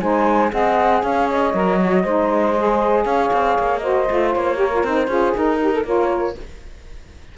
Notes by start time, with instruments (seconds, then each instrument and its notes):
0.00 cello G#3, saxophone D#4 C5, flute G#5
0.51 cello C4, saxophone G#4 D#5, flute F#5
1.01 cello C#4, saxophone C#5, flute F5
1.30 flute D#5
1.54 cello F#3, saxophone A#4
1.79 saxophone F#4
2.03 cello G#3, saxophone D#4 C5
2.57 saxophone G#4
3.04 cello C#4, saxophone C#5, flute F5
3.33 cello C4
3.59 cello A#3
3.79 saxophone F#4 C5, flute D#5
4.08 cello A3, saxophone F4
4.34 cello A#3, flute C#5
4.56 saxophone G4 A#4
4.73 saxophone F4
4.84 cello C4, saxophone D#4, flute C5
5.07 cello C#4, saxophone F4 G#4
5.35 saxophone D#4, cello D#4, flute A#4
5.61 saxophone G4
5.74 saxophone A4
5.84 cello A#3, saxophone F4 A#4, flute C#5